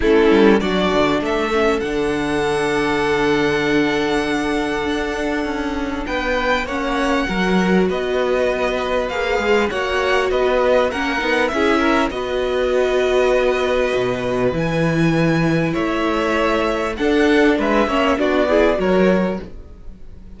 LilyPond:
<<
  \new Staff \with { instrumentName = "violin" } { \time 4/4 \tempo 4 = 99 a'4 d''4 e''4 fis''4~ | fis''1~ | fis''2 g''4 fis''4~ | fis''4 dis''2 f''4 |
fis''4 dis''4 fis''4 e''4 | dis''1 | gis''2 e''2 | fis''4 e''4 d''4 cis''4 | }
  \new Staff \with { instrumentName = "violin" } { \time 4/4 e'4 fis'4 a'2~ | a'1~ | a'2 b'4 cis''4 | ais'4 b'2. |
cis''4 b'4 ais'4 gis'8 ais'8 | b'1~ | b'2 cis''2 | a'4 b'8 cis''8 fis'8 gis'8 ais'4 | }
  \new Staff \with { instrumentName = "viola" } { \time 4/4 cis'4 d'4. cis'8 d'4~ | d'1~ | d'2. cis'4 | fis'2. gis'4 |
fis'2 cis'8 dis'8 e'4 | fis'1 | e'1 | d'4. cis'8 d'8 e'8 fis'4 | }
  \new Staff \with { instrumentName = "cello" } { \time 4/4 a8 g8 fis8 d8 a4 d4~ | d1 | d'4 cis'4 b4 ais4 | fis4 b2 ais8 gis8 |
ais4 b4 ais8 b8 cis'4 | b2. b,4 | e2 a2 | d'4 gis8 ais8 b4 fis4 | }
>>